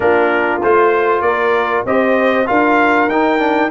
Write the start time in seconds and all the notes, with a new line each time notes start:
0.00 A#3 D4 F4 A#4
0.62 A3 F4 C5
1.21 A#3 A#4 D5
1.85 C4 G4 C5 D#5
2.46 D4 F4 A#4 F5
3.07 D#4 G5
3.39 D4